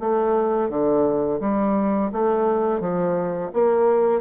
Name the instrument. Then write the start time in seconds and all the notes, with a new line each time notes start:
bassoon
0.00 A3
0.70 D3
1.41 G3
2.12 A3
2.80 F3
3.54 A#3